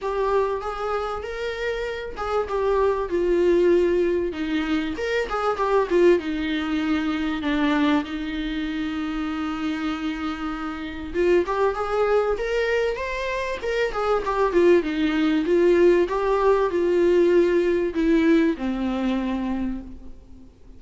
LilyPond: \new Staff \with { instrumentName = "viola" } { \time 4/4 \tempo 4 = 97 g'4 gis'4 ais'4. gis'8 | g'4 f'2 dis'4 | ais'8 gis'8 g'8 f'8 dis'2 | d'4 dis'2.~ |
dis'2 f'8 g'8 gis'4 | ais'4 c''4 ais'8 gis'8 g'8 f'8 | dis'4 f'4 g'4 f'4~ | f'4 e'4 c'2 | }